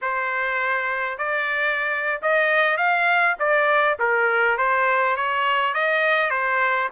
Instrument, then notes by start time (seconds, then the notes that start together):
trumpet
0.01 C5
1.17 D5
2.22 D#5
2.77 F5
3.39 D5
3.99 A#4
4.57 C5
5.16 C#5
5.74 D#5
6.30 C5